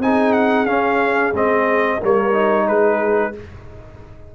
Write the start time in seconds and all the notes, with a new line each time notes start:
0.00 C4 D#4 G#4 G#5
0.33 F#5
0.66 C#4 F5
1.33 G#3 C4 D#5
1.99 G3 A#3 A#4 C#5
2.33 D#4
2.68 G#3 G#4 B4